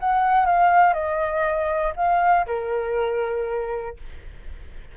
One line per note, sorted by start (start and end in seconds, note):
0.00 0.46 F#5
0.46 0.93 F5
0.93 1.93 D#5
1.97 2.47 F5
2.47 3.97 A#4